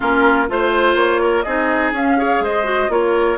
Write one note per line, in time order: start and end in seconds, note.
0.00 0.49 A#3
0.00 0.46 C#4
0.00 0.46 F4
0.00 0.49 A#4
0.48 0.94 A3
0.48 1.44 F4
0.48 0.97 C5
0.48 1.21 C5
0.94 1.43 A#3
0.94 1.42 C#5
1.21 1.44 A#4
1.42 1.92 C4
1.42 1.94 D#4
1.42 2.17 G#4
1.42 1.90 D#5
1.92 2.40 C#4
1.92 2.18 C#4
1.92 2.44 F5
2.18 2.64 G#4
2.18 2.43 C#5
2.40 2.88 G#3
2.40 2.91 C5
2.40 2.92 D#5
2.64 2.88 F#4
2.89 3.37 A#3
2.89 3.37 F4
2.89 3.37 A#4
2.89 3.37 C#5